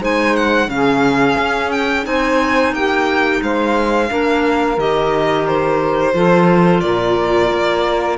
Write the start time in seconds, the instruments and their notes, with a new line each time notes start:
0.00 cello G#3, clarinet D#4, saxophone C5, violin G#5
0.36 violin F#5
0.68 cello C#3, clarinet C#4, saxophone G#4, violin F5
1.38 cello C#4
1.71 violin G5
2.03 cello C4, clarinet D#4, saxophone C5, violin G#5
2.73 cello A#3, saxophone G4, violin G5
3.43 cello G#3, saxophone C5, violin F5
4.09 cello A#3, clarinet D4, saxophone A#4
4.78 cello D#3, clarinet G4, violin D#5
5.47 violin C5
6.14 cello F3, clarinet F4, saxophone A4
6.81 cello A#2, saxophone A#4, violin D5
7.52 cello A#3